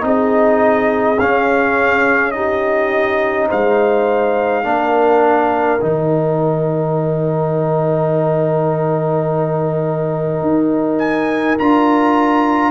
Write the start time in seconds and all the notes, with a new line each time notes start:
0.00 C4 D#4 G#4 D#5
1.19 C#4 F5
2.31 D#4 G4 D#5
3.48 G#3 C5 F5
4.63 A#3 D4 A#4
5.81 D#3 D#4 G5
10.42 D#4
10.98 G#5
11.58 D4 F4 A#5